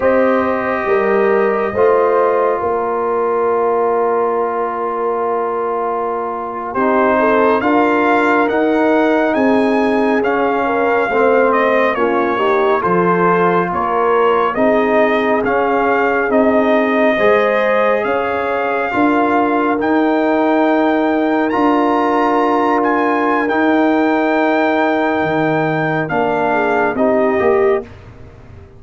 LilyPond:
<<
  \new Staff \with { instrumentName = "trumpet" } { \time 4/4 \tempo 4 = 69 dis''2. d''4~ | d''2.~ d''8. c''16~ | c''8. f''4 fis''4 gis''4 f''16~ | f''4~ f''16 dis''8 cis''4 c''4 cis''16~ |
cis''8. dis''4 f''4 dis''4~ dis''16~ | dis''8. f''2 g''4~ g''16~ | g''8. ais''4. gis''8. g''4~ | g''2 f''4 dis''4 | }
  \new Staff \with { instrumentName = "horn" } { \time 4/4 c''4 ais'4 c''4 ais'4~ | ais'2.~ ais'8. g'16~ | g'16 a'8 ais'2 gis'4~ gis'16~ | gis'16 ais'8 c''4 f'8 g'8 a'4 ais'16~ |
ais'8. gis'2. c''16~ | c''8. cis''4 ais'2~ ais'16~ | ais'1~ | ais'2~ ais'8 gis'8 g'4 | }
  \new Staff \with { instrumentName = "trombone" } { \time 4/4 g'2 f'2~ | f'2.~ f'8. dis'16~ | dis'8. f'4 dis'2 cis'16~ | cis'8. c'4 cis'8 dis'8 f'4~ f'16~ |
f'8. dis'4 cis'4 dis'4 gis'16~ | gis'4.~ gis'16 f'4 dis'4~ dis'16~ | dis'8. f'2~ f'16 dis'4~ | dis'2 d'4 dis'8 g'8 | }
  \new Staff \with { instrumentName = "tuba" } { \time 4/4 c'4 g4 a4 ais4~ | ais2.~ ais8. c'16~ | c'8. d'4 dis'4 c'4 cis'16~ | cis'8. a4 ais4 f4 ais16~ |
ais8. c'4 cis'4 c'4 gis16~ | gis8. cis'4 d'4 dis'4~ dis'16~ | dis'8. d'2~ d'16 dis'4~ | dis'4 dis4 ais4 c'8 ais8 | }
>>